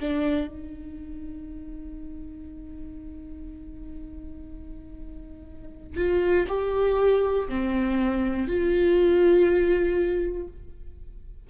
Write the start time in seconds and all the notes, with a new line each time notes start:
0.00 D4
0.47 D#4
5.96 F4
6.48 G4
7.48 C4
8.48 F4